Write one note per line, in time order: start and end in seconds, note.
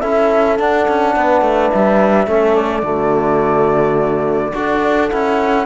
0.00 0.59 C#4
0.00 0.58 E4
0.00 1.14 A4
0.00 0.57 E5
0.58 2.27 D4
0.58 0.87 D4
0.58 1.70 F#5
0.88 1.16 C#4
1.16 1.41 B3
1.16 2.27 B4
1.41 1.69 A3
1.70 2.27 G3
1.70 2.55 E5
2.27 2.83 A3
2.27 2.82 C#4
2.27 2.84 A4
2.55 5.09 D5
2.82 4.52 D3
2.82 4.52 A3
2.82 4.54 F#4
4.53 5.11 D4
4.53 5.09 F#4
4.53 5.66 A4
5.09 5.66 C#4
5.09 5.66 E4
5.09 5.66 F#5